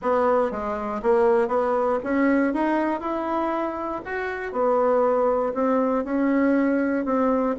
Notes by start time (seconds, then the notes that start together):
0.02 B3
0.51 G#3
1.02 A#3
1.48 B3
2.03 C#4
2.53 D#4
3.00 E4
4.05 F#4
4.52 B3
5.54 C4
6.04 C#4
7.05 C4